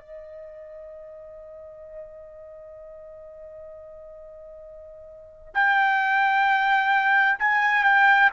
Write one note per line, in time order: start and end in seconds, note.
0.00 5.54 D#5
5.55 7.39 G5
7.40 7.84 G#5
7.84 8.30 G5